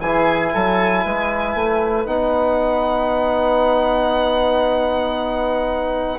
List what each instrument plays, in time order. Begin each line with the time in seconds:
0.00 bassoon E3, trombone E4, oboe G#4, violin G#5
0.54 bassoon F#3, oboe A4
1.05 bassoon G#3, oboe B4
1.55 bassoon A3
2.06 bassoon B3, trombone D#4, violin F#5